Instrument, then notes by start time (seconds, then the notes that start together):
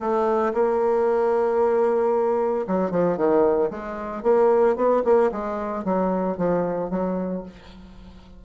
bassoon
0.00 A3
0.54 A#3
2.67 F#3
2.91 F3
3.17 D#3
3.70 G#3
4.23 A#3
4.76 B3
5.04 A#3
5.32 G#3
5.84 F#3
6.37 F3
6.90 F#3